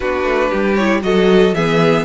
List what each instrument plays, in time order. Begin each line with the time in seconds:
0.00 cello B3, viola D4, violin F#4 B4
0.23 cello A3
0.49 cello G3, violin G4
0.75 viola E4, violin C#5
1.02 cello F#3, viola F#4, violin A4 D#5
1.53 cello E3, viola B3, violin G#4 E5